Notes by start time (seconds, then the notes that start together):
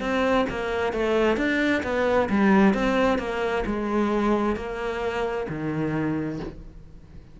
0.00 C4
0.50 A#3
0.93 A3
1.37 D4
1.83 B3
2.29 G3
2.74 C4
3.18 A#3
3.66 G#3
4.56 A#3
5.48 D#3